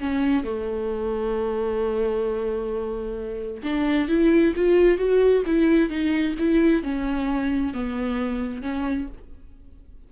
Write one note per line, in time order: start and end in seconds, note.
0.00 0.44 C#4
0.44 3.62 A3
3.63 4.08 D4
4.08 4.54 E4
4.56 4.98 F4
4.98 5.43 F#4
5.46 5.90 E4
5.90 6.35 D#4
6.39 6.83 E4
6.83 7.74 C#4
7.74 8.62 B3
8.62 9.08 C#4